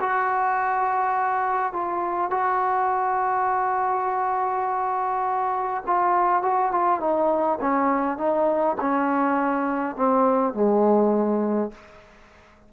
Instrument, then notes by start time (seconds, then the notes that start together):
trombone
0.00 F#4
1.73 F4
2.30 F#4
5.86 F4
6.42 F#4
6.72 F4
7.00 D#4
7.61 C#4
8.17 D#4
8.80 C#4
9.96 C4
10.54 G#3